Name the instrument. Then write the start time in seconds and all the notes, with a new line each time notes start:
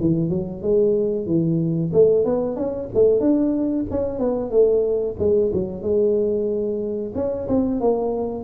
tuba
0.00 E3
0.29 F#3
0.62 G#3
1.26 E3
1.93 A3
2.25 B3
2.56 C#4
2.94 A3
3.20 D4
3.90 C#4
4.19 B3
4.51 A3
5.19 G#3
5.53 F#3
5.82 G#3
7.15 C#4
7.48 C4
7.81 A#3